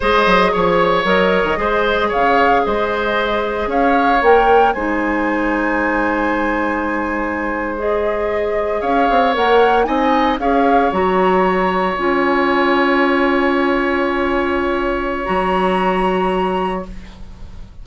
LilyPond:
<<
  \new Staff \with { instrumentName = "flute" } { \time 4/4 \tempo 4 = 114 dis''4 cis''4 dis''2 | f''4 dis''2 f''4 | g''4 gis''2.~ | gis''2~ gis''8. dis''4~ dis''16~ |
dis''8. f''4 fis''4 gis''4 f''16~ | f''8. ais''2 gis''4~ gis''16~ | gis''1~ | gis''4 ais''2. | }
  \new Staff \with { instrumentName = "oboe" } { \time 4/4 c''4 cis''2 c''4 | cis''4 c''2 cis''4~ | cis''4 c''2.~ | c''1~ |
c''8. cis''2 dis''4 cis''16~ | cis''1~ | cis''1~ | cis''1 | }
  \new Staff \with { instrumentName = "clarinet" } { \time 4/4 gis'2 ais'4 gis'4~ | gis'1 | ais'4 dis'2.~ | dis'2~ dis'8. gis'4~ gis'16~ |
gis'4.~ gis'16 ais'4 dis'4 gis'16~ | gis'8. fis'2 f'4~ f'16~ | f'1~ | f'4 fis'2. | }
  \new Staff \with { instrumentName = "bassoon" } { \time 4/4 gis8 fis8 f4 fis8. dis16 gis4 | cis4 gis2 cis'4 | ais4 gis2.~ | gis1~ |
gis8. cis'8 c'8 ais4 c'4 cis'16~ | cis'8. fis2 cis'4~ cis'16~ | cis'1~ | cis'4 fis2. | }
>>